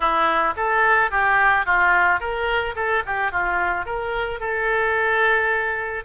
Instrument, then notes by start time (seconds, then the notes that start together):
oboe
0.00 E4
0.56 A4
1.10 G4
1.65 F4
2.19 A#4
2.75 A4
3.06 G4
3.31 F4
3.85 A#4
4.40 A4